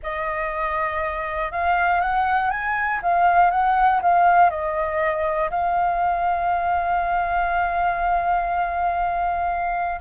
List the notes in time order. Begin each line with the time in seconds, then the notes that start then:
0.02 D#5
1.51 F5
2.00 F#5
2.50 G#5
3.02 F5
3.50 F#5
4.02 F5
4.50 D#5
5.50 F5